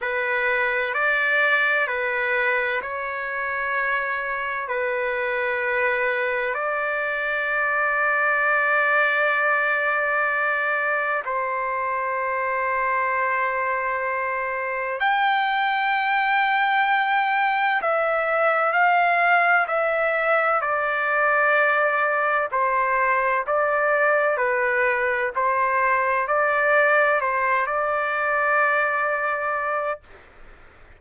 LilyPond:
\new Staff \with { instrumentName = "trumpet" } { \time 4/4 \tempo 4 = 64 b'4 d''4 b'4 cis''4~ | cis''4 b'2 d''4~ | d''1 | c''1 |
g''2. e''4 | f''4 e''4 d''2 | c''4 d''4 b'4 c''4 | d''4 c''8 d''2~ d''8 | }